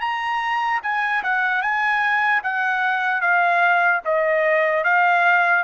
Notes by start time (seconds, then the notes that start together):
0.00 A#5
0.83 G#5
1.23 F#5
1.62 G#5
2.43 F#5
3.21 F5
4.04 D#5
4.84 F5